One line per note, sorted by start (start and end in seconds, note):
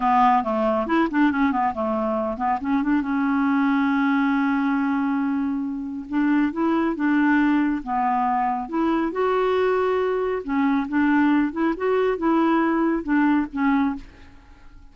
0.00 0.43 B3
0.43 0.86 A3
0.86 1.08 E4
1.10 1.31 D4
1.31 1.51 C#4
1.51 1.73 B3
1.74 2.37 A3
2.37 2.58 B3
2.60 2.82 C#4
2.82 3.01 D4
3.01 6.06 C#4
6.08 6.52 D4
6.52 6.95 E4
6.95 7.82 D4
7.83 8.69 B3
8.69 9.11 E4
9.11 10.42 F#4
10.43 10.87 C#4
10.88 11.52 D4
11.52 11.74 E4
11.76 12.17 F#4
12.17 13.03 E4
13.03 13.46 D4
13.52 13.95 C#4